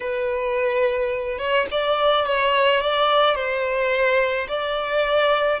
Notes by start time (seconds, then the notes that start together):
0.00 B4
1.38 C#5
1.71 D5
2.26 C#5
2.80 D5
3.35 C5
4.47 D5